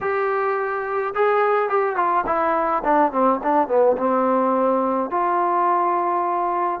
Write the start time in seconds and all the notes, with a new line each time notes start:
0.00 G4
1.14 G#4
1.69 G4
1.96 F4
2.26 E4
2.84 D4
3.11 C4
3.43 D4
3.68 B3
3.97 C4
5.10 F4